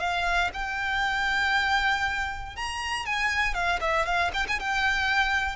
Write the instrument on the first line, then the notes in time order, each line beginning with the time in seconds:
violin
0.00 F5
0.54 G5
2.57 A#5
3.06 G#5
3.54 F5
3.81 E5
4.06 F5
4.34 G5
4.48 G#5
4.60 G5